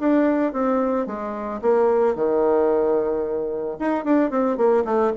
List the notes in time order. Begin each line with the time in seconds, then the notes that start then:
0.00 D4
0.53 C4
1.07 G#3
1.62 A#3
2.15 D#3
3.80 D#4
4.05 D4
4.31 C4
4.57 A#3
4.85 A3